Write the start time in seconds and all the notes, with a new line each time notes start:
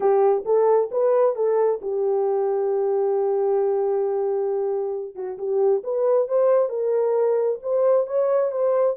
0.00 G4
0.45 A4
0.91 B4
1.35 A4
1.81 G4
5.15 F#4
5.38 G4
5.83 B4
6.28 C5
6.69 A#4
7.62 C5
8.06 C#5
8.51 C5